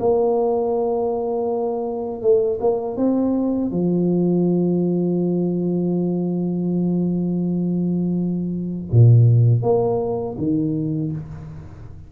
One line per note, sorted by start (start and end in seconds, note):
0.00 2.22 A#3
2.22 2.59 A3
2.61 2.97 A#3
2.97 3.71 C4
3.71 8.90 F3
8.92 9.62 A#2
9.62 10.36 A#3
10.38 11.12 D#3